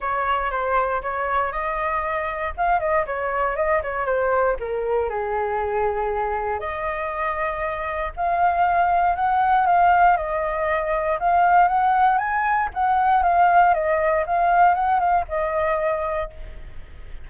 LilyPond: \new Staff \with { instrumentName = "flute" } { \time 4/4 \tempo 4 = 118 cis''4 c''4 cis''4 dis''4~ | dis''4 f''8 dis''8 cis''4 dis''8 cis''8 | c''4 ais'4 gis'2~ | gis'4 dis''2. |
f''2 fis''4 f''4 | dis''2 f''4 fis''4 | gis''4 fis''4 f''4 dis''4 | f''4 fis''8 f''8 dis''2 | }